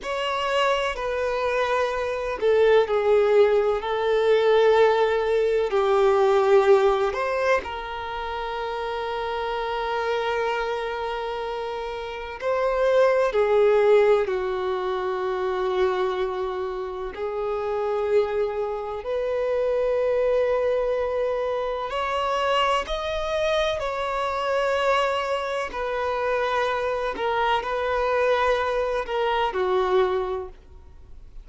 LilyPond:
\new Staff \with { instrumentName = "violin" } { \time 4/4 \tempo 4 = 63 cis''4 b'4. a'8 gis'4 | a'2 g'4. c''8 | ais'1~ | ais'4 c''4 gis'4 fis'4~ |
fis'2 gis'2 | b'2. cis''4 | dis''4 cis''2 b'4~ | b'8 ais'8 b'4. ais'8 fis'4 | }